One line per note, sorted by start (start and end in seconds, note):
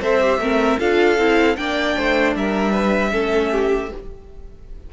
0.00 0.38 C4
0.00 0.20 A4
0.00 0.39 C5
0.00 0.79 E5
0.20 0.40 G4
0.38 0.77 A3
0.38 0.79 C4
0.38 0.79 A#4
0.79 1.17 D4
0.79 1.18 F4
0.79 1.57 A4
0.79 1.56 F5
1.17 1.56 C4
1.17 1.56 E4
1.56 1.96 A#3
1.56 3.10 D4
1.56 1.96 D5
1.56 2.34 G5
1.96 2.35 A3
1.96 2.35 C5
2.35 3.13 G3
2.35 2.72 A#4
2.35 3.92 E5
2.72 3.11 B4
3.10 3.91 A3
3.10 3.88 C#4
3.10 3.51 A4
3.51 3.90 G4